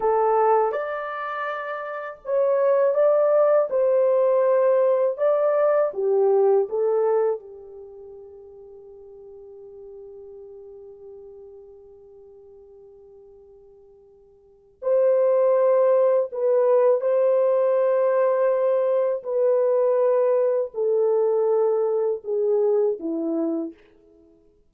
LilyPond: \new Staff \with { instrumentName = "horn" } { \time 4/4 \tempo 4 = 81 a'4 d''2 cis''4 | d''4 c''2 d''4 | g'4 a'4 g'2~ | g'1~ |
g'1 | c''2 b'4 c''4~ | c''2 b'2 | a'2 gis'4 e'4 | }